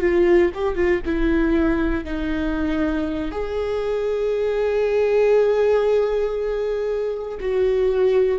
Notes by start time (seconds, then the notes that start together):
0.00 F4
0.54 G4
0.75 F4
1.05 E4
2.04 D#4
3.31 G#4
7.40 F#4